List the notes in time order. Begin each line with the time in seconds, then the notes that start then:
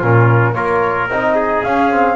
0.00 A#2 C#4 F4 A#4
0.54 A#3 F4 A#4 C#5
1.09 C4 D#4 D#5
1.36 G#4
1.64 C#4 F5
1.92 C4